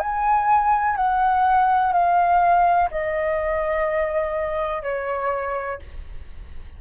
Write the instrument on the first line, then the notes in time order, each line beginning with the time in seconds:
flute
0.00 G#5
0.97 F#5
1.93 F5
2.91 D#5
4.83 C#5